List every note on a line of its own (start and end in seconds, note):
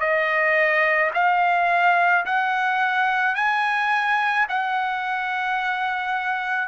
0.00 1.11 D#5
1.14 2.25 F5
2.26 3.36 F#5
3.36 4.47 G#5
4.49 6.69 F#5